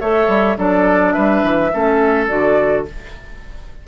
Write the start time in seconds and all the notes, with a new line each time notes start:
0.00 A3 A4 C#5 E5
0.28 G3
0.57 F#3 D4 A4 D5
1.13 G3 B4 E5
1.43 E3
1.73 A3 C#4 A4
2.28 D3 F#4 D5